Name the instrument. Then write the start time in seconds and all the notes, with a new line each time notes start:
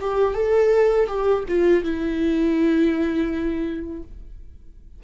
viola
0.00 G4
0.34 A4
1.07 G4
1.48 F4
1.84 E4